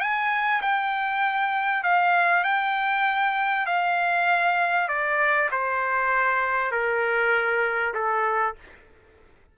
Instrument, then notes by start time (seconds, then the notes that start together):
trumpet
0.00 G#5
0.62 G5
1.83 F5
2.44 G5
3.66 F5
4.88 D5
5.51 C5
6.71 A#4
7.94 A4